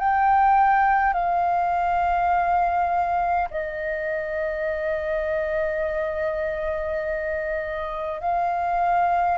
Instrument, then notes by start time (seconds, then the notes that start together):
flute
0.00 G5
1.14 F5
3.51 D#5
8.21 F5